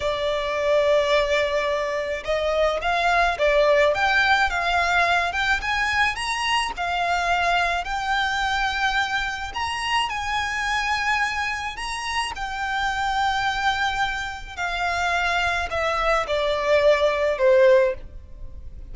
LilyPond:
\new Staff \with { instrumentName = "violin" } { \time 4/4 \tempo 4 = 107 d''1 | dis''4 f''4 d''4 g''4 | f''4. g''8 gis''4 ais''4 | f''2 g''2~ |
g''4 ais''4 gis''2~ | gis''4 ais''4 g''2~ | g''2 f''2 | e''4 d''2 c''4 | }